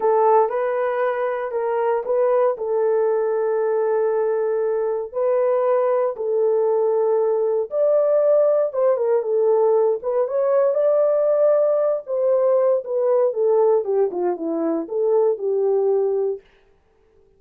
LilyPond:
\new Staff \with { instrumentName = "horn" } { \time 4/4 \tempo 4 = 117 a'4 b'2 ais'4 | b'4 a'2.~ | a'2 b'2 | a'2. d''4~ |
d''4 c''8 ais'8 a'4. b'8 | cis''4 d''2~ d''8 c''8~ | c''4 b'4 a'4 g'8 f'8 | e'4 a'4 g'2 | }